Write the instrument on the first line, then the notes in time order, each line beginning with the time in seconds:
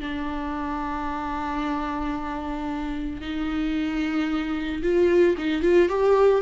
viola
0.00 D4
3.21 D#4
4.82 F4
5.38 D#4
5.62 F4
5.89 G4